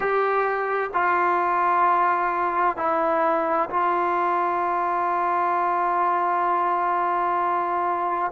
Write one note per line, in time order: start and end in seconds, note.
0.00 0.90 G4
0.93 2.77 F4
2.77 3.69 E4
3.70 8.31 F4